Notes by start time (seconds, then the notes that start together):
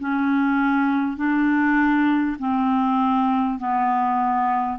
0.00 C#4
1.17 D4
2.39 C4
3.59 B3